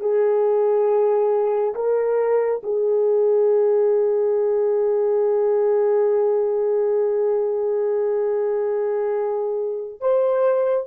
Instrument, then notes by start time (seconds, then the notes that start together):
horn
0.00 G#4
1.75 A#4
2.63 G#4
10.00 C5